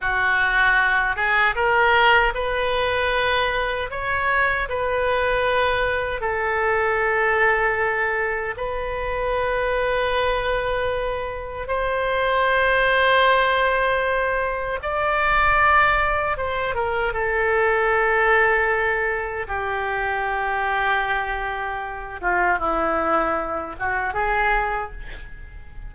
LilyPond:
\new Staff \with { instrumentName = "oboe" } { \time 4/4 \tempo 4 = 77 fis'4. gis'8 ais'4 b'4~ | b'4 cis''4 b'2 | a'2. b'4~ | b'2. c''4~ |
c''2. d''4~ | d''4 c''8 ais'8 a'2~ | a'4 g'2.~ | g'8 f'8 e'4. fis'8 gis'4 | }